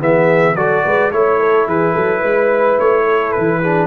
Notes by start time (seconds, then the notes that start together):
0.00 E3 B3 G#4 E5
0.55 F#3 F#4 A4 D5
0.84 G#3 B4
1.12 A3 E4 C#5
1.39 A4
1.67 E3 G#4 B4
1.93 F#3 A4
2.20 G#3 B4
2.79 A3 C#5
3.04 A4
3.32 E3 B4
3.60 D4 G#4